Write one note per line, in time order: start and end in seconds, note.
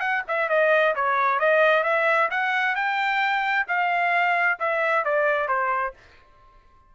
0.00 0.23 F#5
0.28 0.49 E5
0.49 0.95 D#5
0.96 1.40 C#5
1.40 1.84 D#5
1.84 2.29 E5
2.31 2.76 F#5
2.76 3.67 G5
3.68 4.59 F5
4.60 5.05 E5
5.05 5.49 D5
5.49 5.94 C5